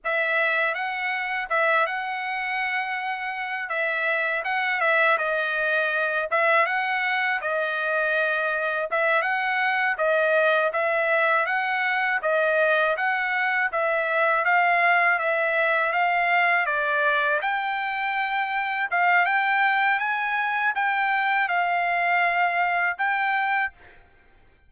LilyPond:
\new Staff \with { instrumentName = "trumpet" } { \time 4/4 \tempo 4 = 81 e''4 fis''4 e''8 fis''4.~ | fis''4 e''4 fis''8 e''8 dis''4~ | dis''8 e''8 fis''4 dis''2 | e''8 fis''4 dis''4 e''4 fis''8~ |
fis''8 dis''4 fis''4 e''4 f''8~ | f''8 e''4 f''4 d''4 g''8~ | g''4. f''8 g''4 gis''4 | g''4 f''2 g''4 | }